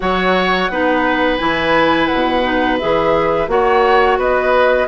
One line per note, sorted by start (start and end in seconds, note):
0.00 0.69 F#3
0.00 0.70 F#4
0.00 0.71 C#5
0.00 1.38 F#5
0.69 1.39 B3
0.69 1.39 D#4
0.69 3.50 B4
1.38 2.10 E3
1.38 2.43 E4
1.38 2.07 G#5
2.07 2.82 B2
2.07 2.77 F#5
2.43 2.78 D#4
2.78 3.47 E3
2.78 3.47 G#4
2.78 3.48 E5
3.47 4.17 A#3
3.47 4.87 F#4
3.47 4.18 C#5
3.47 4.18 F#5
4.17 4.87 B3
4.17 4.87 B4
4.17 4.87 D#5